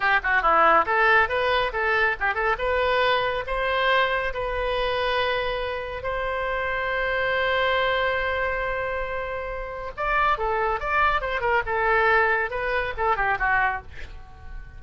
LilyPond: \new Staff \with { instrumentName = "oboe" } { \time 4/4 \tempo 4 = 139 g'8 fis'8 e'4 a'4 b'4 | a'4 g'8 a'8 b'2 | c''2 b'2~ | b'2 c''2~ |
c''1~ | c''2. d''4 | a'4 d''4 c''8 ais'8 a'4~ | a'4 b'4 a'8 g'8 fis'4 | }